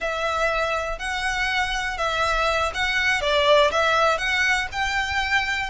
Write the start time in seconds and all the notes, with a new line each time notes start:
0.00 E5
0.98 F#5
1.97 E5
2.73 F#5
3.21 D5
3.71 E5
4.18 F#5
4.72 G5